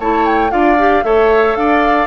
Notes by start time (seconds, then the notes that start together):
0.00 A3 E4 C#5 A5
0.26 G5
0.51 D4 F4 D5 F5
0.79 G4
1.04 A3 A4 C#5 E5
1.56 D4 D5 F5